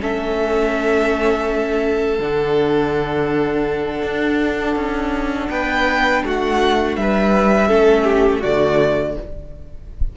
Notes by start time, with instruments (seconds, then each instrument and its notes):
0.00 cello A3, viola C#4, violin A4 E5
2.20 cello D3, viola D4, violin F#5
4.02 cello D4
4.76 cello C#4
5.50 cello B3, violin B4 G5
6.25 cello A3, violin F#4 F#5
6.96 cello G3, violin B4 E5
7.68 cello A3, viola C#4, violin A4
8.04 violin G4
8.40 cello D3, viola A3, violin F#4 D5